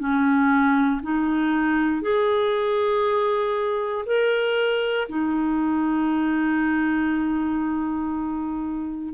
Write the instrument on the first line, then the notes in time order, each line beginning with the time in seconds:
clarinet
0.00 C#4
1.03 D#4
2.02 G#4
4.06 A#4
5.09 D#4